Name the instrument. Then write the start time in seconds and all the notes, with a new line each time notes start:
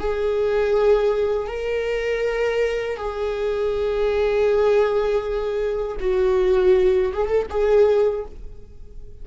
viola
0.00 G#4
1.48 A#4
2.97 G#4
6.00 F#4
7.13 G#4
7.28 A4
7.50 G#4